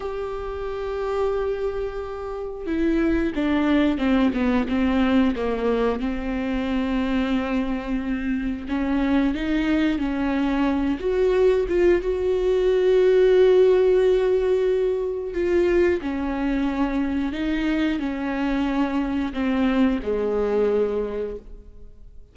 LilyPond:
\new Staff \with { instrumentName = "viola" } { \time 4/4 \tempo 4 = 90 g'1 | e'4 d'4 c'8 b8 c'4 | ais4 c'2.~ | c'4 cis'4 dis'4 cis'4~ |
cis'8 fis'4 f'8 fis'2~ | fis'2. f'4 | cis'2 dis'4 cis'4~ | cis'4 c'4 gis2 | }